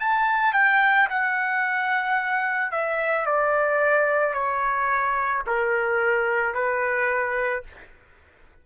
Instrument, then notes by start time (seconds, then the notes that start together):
trumpet
0.00 A5
0.53 G5
1.09 F#5
2.72 E5
3.26 D5
4.33 C#5
5.46 A#4
6.54 B4